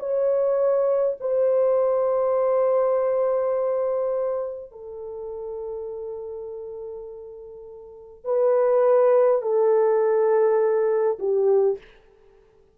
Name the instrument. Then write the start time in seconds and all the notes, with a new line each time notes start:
horn
0.00 C#5
1.20 C5
4.72 A4
8.25 B4
9.42 A4
11.20 G4